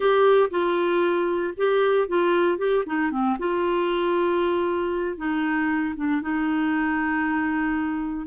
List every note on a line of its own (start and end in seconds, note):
0.00 0.49 G4
0.50 1.54 F4
1.56 2.08 G4
2.08 2.58 F4
2.58 2.84 G4
2.86 3.11 D#4
3.11 3.37 C4
3.38 5.17 F4
5.17 5.95 D#4
5.96 6.21 D4
6.21 8.27 D#4